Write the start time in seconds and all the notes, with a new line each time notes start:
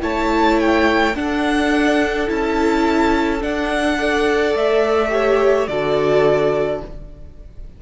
0.00 A3 E4 C#5 A5
0.60 G5
1.15 D4 A4 F#5
2.27 C#4 E4 A5
3.41 D4 F#5
3.97 A4 D5
4.54 A3 E5
5.09 G4 C#5
5.67 D3 F#4 A4 D5